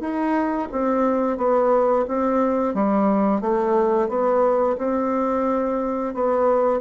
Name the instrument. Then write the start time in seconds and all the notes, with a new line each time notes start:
bassoon
0.00 D#4
0.72 C4
1.37 B3
2.08 C4
2.74 G3
3.41 A3
4.08 B3
4.78 C4
6.14 B3